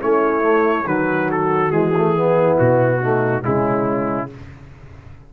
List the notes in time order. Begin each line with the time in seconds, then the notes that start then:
0.00 A3 C#4 E4 C#5
0.42 A3
0.85 D#3 F#3 F#4 B4
1.31 A4
1.71 E3 G#3 G#4
1.96 A3
2.11 B3 E4
2.58 B2 F#4
3.00 A3 D#4
3.41 C#3 G#3 C#4 E4